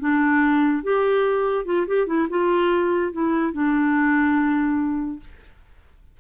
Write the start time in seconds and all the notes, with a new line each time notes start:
0.00 D4
0.84 G4
1.66 F4
1.87 G4
2.07 E4
2.30 F4
3.13 E4
3.53 D4